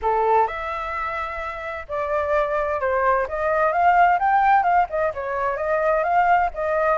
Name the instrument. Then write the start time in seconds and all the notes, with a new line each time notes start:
flute
0.01 A4
0.47 E5
1.88 D5
2.80 C5
3.28 D#5
3.72 F5
4.19 G5
4.63 F5
4.89 D#5
5.14 C#5
5.57 D#5
6.03 F5
6.53 D#5